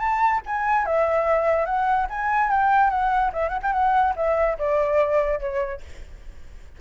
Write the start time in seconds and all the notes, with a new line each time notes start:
0.00 A5
0.46 G#5
0.86 E5
1.66 F#5
2.10 G#5
2.51 G5
2.90 F#5
3.33 E5
3.49 F#5
3.63 G5
3.73 F#5
4.17 E5
4.59 D5
5.40 C#5